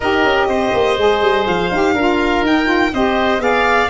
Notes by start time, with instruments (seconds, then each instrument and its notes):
0.00 tuba D#4, saxophone G4, oboe A#4, violin D#5
0.23 tuba C#4
0.47 tuba C4, oboe C5
0.73 tuba A#3
0.97 tuba G#3, saxophone G#4
1.22 tuba G3
1.47 tuba F3, violin F5
1.71 tuba D#4, saxophone G4
1.93 tuba D4, saxophone F4, oboe A#4
2.41 tuba D#4, saxophone D#4, violin G5
2.65 saxophone F4
2.93 tuba C4, saxophone G4, oboe C5, violin D#5
3.39 tuba B3, saxophone G#4, oboe D5, violin F5